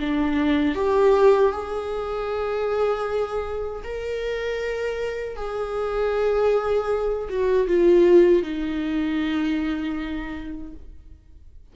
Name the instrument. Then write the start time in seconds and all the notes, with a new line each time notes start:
viola
0.00 D4
0.75 G4
1.52 G#4
3.84 A#4
5.36 G#4
7.30 F#4
7.67 F4
8.43 D#4